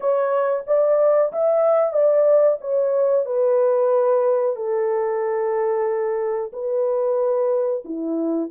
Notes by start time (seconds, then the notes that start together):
0.00 C#5
0.67 D5
1.32 E5
1.92 D5
2.61 C#5
3.25 B4
4.55 A4
6.52 B4
7.84 E4